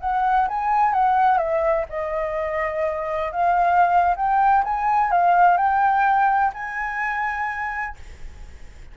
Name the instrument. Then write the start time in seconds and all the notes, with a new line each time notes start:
flute
0.00 F#5
0.48 G#5
0.93 F#5
1.37 E5
1.89 D#5
3.32 F5
4.16 G5
4.64 G#5
5.11 F5
5.57 G5
6.53 G#5